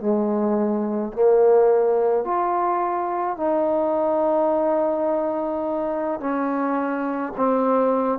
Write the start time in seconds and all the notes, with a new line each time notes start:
0.00 G#3
1.13 A#3
2.24 F4
3.37 D#4
6.20 C#4
7.36 C4